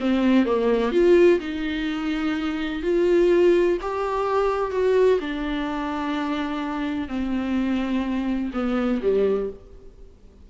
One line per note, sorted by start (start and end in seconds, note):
0.00 0.45 C4
0.45 0.92 A#3
0.92 1.39 F4
1.40 2.82 D#4
2.82 3.78 F4
3.81 4.71 G4
4.71 5.19 F#4
5.20 7.08 D4
7.08 8.51 C4
8.53 9.01 B3
9.02 9.50 G3